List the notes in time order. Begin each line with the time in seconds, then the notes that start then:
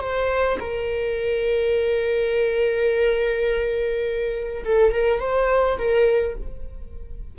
0.00 C5
0.60 A#4
4.65 A4
4.92 A#4
5.20 C5
5.78 A#4